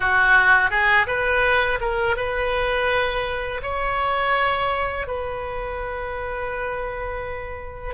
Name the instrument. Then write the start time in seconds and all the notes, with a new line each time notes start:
oboe
0.00 F#4
0.70 G#4
1.06 B4
1.81 A#4
2.16 B4
3.62 C#5
5.07 B4